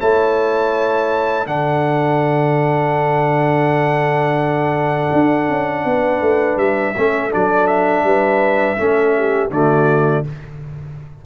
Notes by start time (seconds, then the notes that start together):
0.00 A3 E4 C#5 A5
1.46 D3 D4 A4 F#5
5.13 D4
5.49 C#4
5.85 B3 B4
6.21 A3
6.57 G3 E5
6.96 A3 C#4 A4
7.31 F#3 D4 D5
7.67 E5
8.04 G3 B4
8.77 A3 C#4 A4
9.17 G4
9.51 D3 A3 F#4 D5